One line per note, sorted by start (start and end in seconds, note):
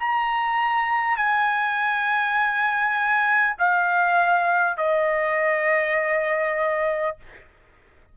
0.00 1.17 A#5
1.17 3.57 G#5
3.59 4.77 F5
4.77 7.17 D#5